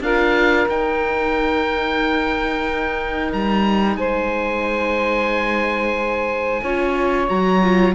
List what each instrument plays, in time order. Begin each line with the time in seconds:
0.00 cello D4, viola F4, saxophone A#4, oboe F5
0.69 cello D#4, viola D#4, oboe G5
3.33 cello G3, oboe A#5
3.97 cello G#3, saxophone C5, oboe G#5
6.62 cello C#4, viola F4, saxophone C#5
7.27 cello F#3, viola F#4, oboe A#5
7.62 viola F4